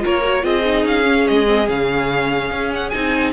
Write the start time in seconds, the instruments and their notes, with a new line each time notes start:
0.00 viola F4, violin A#4 C#5
0.06 cello A#3
0.23 viola F#4
0.41 cello C4, viola F4, violin G#4 D#5
0.65 viola D#4
0.85 cello C#4, violin F5
1.04 viola C#4
1.28 cello G#3, violin D#5
1.46 viola C4
1.67 cello C#3, viola C#4, violin F5
2.51 cello C#4
2.75 violin F#5
2.90 cello C4, viola D#4, violin G#5